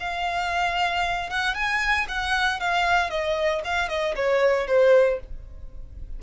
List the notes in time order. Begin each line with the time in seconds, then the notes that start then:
0.00 F5
1.30 F#5
1.54 G#5
2.08 F#5
2.60 F5
3.10 D#5
3.65 F5
3.88 D#5
4.15 C#5
4.67 C5